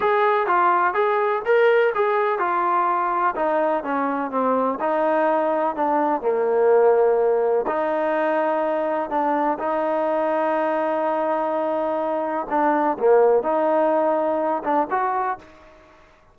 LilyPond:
\new Staff \with { instrumentName = "trombone" } { \time 4/4 \tempo 4 = 125 gis'4 f'4 gis'4 ais'4 | gis'4 f'2 dis'4 | cis'4 c'4 dis'2 | d'4 ais2. |
dis'2. d'4 | dis'1~ | dis'2 d'4 ais4 | dis'2~ dis'8 d'8 fis'4 | }